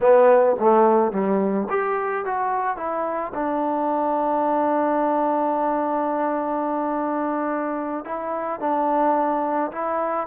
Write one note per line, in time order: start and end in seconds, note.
0.00 0.56 B3
0.59 1.11 A3
1.11 1.67 G3
1.69 2.25 G4
2.25 2.76 F#4
2.76 3.32 E4
3.34 8.04 D4
8.04 8.60 E4
8.60 9.71 D4
9.71 10.27 E4